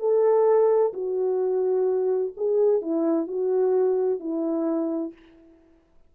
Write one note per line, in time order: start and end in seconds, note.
0.00 0.93 A4
0.93 2.33 F#4
2.37 2.82 G#4
2.82 3.27 E4
3.27 4.20 F#4
4.20 5.13 E4